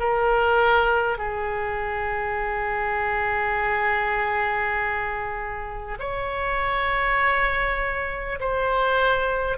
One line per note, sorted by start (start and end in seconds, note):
0.00 1.18 A#4
1.18 5.98 G#4
5.99 8.39 C#5
8.41 9.58 C5